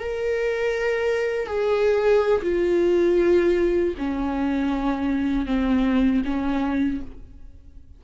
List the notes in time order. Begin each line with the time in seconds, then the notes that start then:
0.00 A#4
1.47 G#4
2.43 F4
3.98 C#4
5.46 C4
6.25 C#4